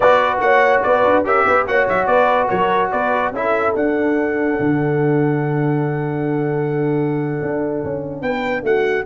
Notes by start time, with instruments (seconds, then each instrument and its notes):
0.00 tuba B3, trombone F#4, horn B4, trumpet D5
0.40 tuba A#3, horn C#5, trumpet F#5
0.82 tuba B3, horn B4, trumpet D5
1.04 tuba D4
1.24 tuba C#4, trombone G4, horn A#4, trumpet E5
1.47 tuba B3, horn B4
1.67 tuba A#3, trombone F#4, horn C#5, trumpet F#5
1.88 tuba F#3, trumpet E5
2.06 tuba B3, horn B4, trumpet D5
2.49 tuba F#3, horn A#4, trumpet C#5
2.91 tuba B3, horn B4, trumpet D5
3.31 tuba C#4, trombone E4, horn A4, trumpet E5
3.75 tuba D4, trombone D4, trumpet F#5
4.59 tuba D3
7.41 tuba D4
7.84 tuba C#4
8.21 tuba B3, horn B4, trumpet G5
8.62 tuba A3, horn F#4, trumpet F#5